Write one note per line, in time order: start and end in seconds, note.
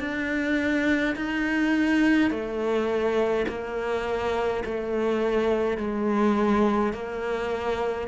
0.00 1.15 D4
1.16 2.30 D#4
2.30 3.46 A3
3.48 4.64 A#3
4.65 5.77 A3
5.77 6.93 G#3
6.93 8.08 A#3